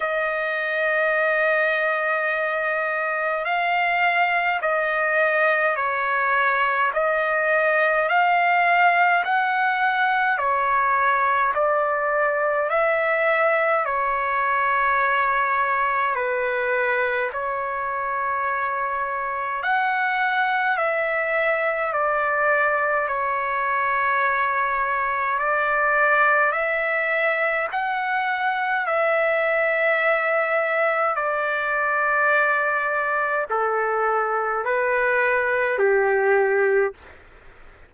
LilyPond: \new Staff \with { instrumentName = "trumpet" } { \time 4/4 \tempo 4 = 52 dis''2. f''4 | dis''4 cis''4 dis''4 f''4 | fis''4 cis''4 d''4 e''4 | cis''2 b'4 cis''4~ |
cis''4 fis''4 e''4 d''4 | cis''2 d''4 e''4 | fis''4 e''2 d''4~ | d''4 a'4 b'4 g'4 | }